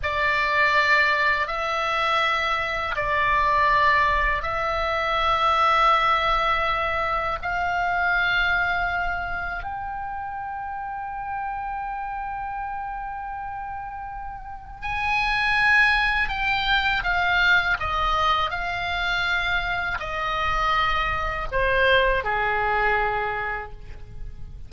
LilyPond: \new Staff \with { instrumentName = "oboe" } { \time 4/4 \tempo 4 = 81 d''2 e''2 | d''2 e''2~ | e''2 f''2~ | f''4 g''2.~ |
g''1 | gis''2 g''4 f''4 | dis''4 f''2 dis''4~ | dis''4 c''4 gis'2 | }